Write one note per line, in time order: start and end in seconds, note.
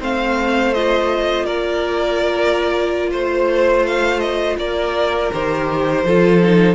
0.00 1.48 A3
0.00 0.74 C4
0.00 1.46 C5
0.00 0.74 F5
0.74 5.32 F4
0.74 1.46 D#5
1.46 3.12 A#3
1.46 3.10 A#4
1.46 3.11 D5
3.11 4.57 A3
3.11 4.57 C5
3.11 3.86 C5
3.87 4.20 F5
4.20 4.57 D#5
4.57 5.30 A#3
4.57 6.06 A#4
4.57 5.32 D5
5.32 6.05 D#3
5.32 6.05 G4
5.32 6.75 C5
6.05 6.75 F3
6.05 6.43 F4
6.05 6.75 A4
6.43 6.75 D#4